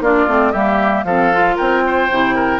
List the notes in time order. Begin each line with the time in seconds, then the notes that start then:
0.00 A#3 D4 F4 D5
0.27 A3 C4
0.51 G3 A#3 G4 E5
1.04 F3 C4 A4 F5
1.33 F4
1.55 C4 A#4 G5
1.87 C5
2.10 C3 E4
2.35 A#4